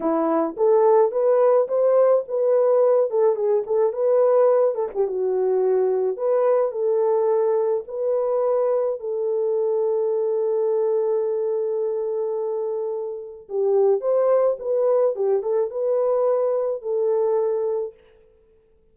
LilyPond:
\new Staff \with { instrumentName = "horn" } { \time 4/4 \tempo 4 = 107 e'4 a'4 b'4 c''4 | b'4. a'8 gis'8 a'8 b'4~ | b'8 a'16 g'16 fis'2 b'4 | a'2 b'2 |
a'1~ | a'1 | g'4 c''4 b'4 g'8 a'8 | b'2 a'2 | }